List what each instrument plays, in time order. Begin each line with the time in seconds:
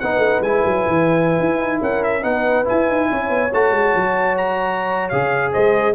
0.00 tuba B3, trombone D#4, horn B4, trumpet F#5
0.18 tuba A3
0.41 tuba G#3, trombone E4, trumpet G#5
0.66 tuba F#3
0.87 tuba E3
1.40 tuba E4
1.58 tuba D#4
1.81 tuba C#4, horn A#4, trumpet F#5
2.04 trumpet E5
2.22 tuba B3, trombone D#4, horn B4, trumpet F#5
2.65 trombone E4, trumpet G#5
2.71 tuba E4
2.89 tuba D#4
3.10 tuba C#4, horn C#5
3.29 tuba B3
3.53 tuba A3, trombone F#4, trumpet A5
3.71 tuba G#3
3.95 tuba F#3
4.38 trumpet A#5
5.09 tuba C#3, trombone G#4, trumpet F5
5.52 tuba G#3, horn C5, trumpet D#5